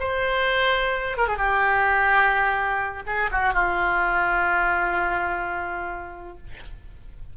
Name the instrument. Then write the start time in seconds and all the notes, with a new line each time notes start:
oboe
0.00 C5
1.17 A#4
1.28 G#4
1.38 G4
3.07 G#4
3.32 F#4
3.54 F4